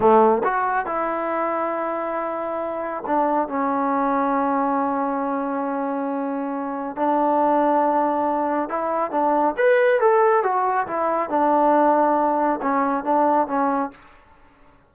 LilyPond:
\new Staff \with { instrumentName = "trombone" } { \time 4/4 \tempo 4 = 138 a4 fis'4 e'2~ | e'2. d'4 | cis'1~ | cis'1 |
d'1 | e'4 d'4 b'4 a'4 | fis'4 e'4 d'2~ | d'4 cis'4 d'4 cis'4 | }